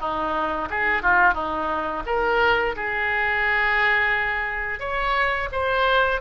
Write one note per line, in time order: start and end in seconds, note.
0.00 0.69 D#4
0.70 1.03 G#4
1.03 1.34 F4
1.34 2.03 D#4
2.06 2.75 A#4
2.76 4.80 G#4
4.80 5.49 C#5
5.52 6.21 C5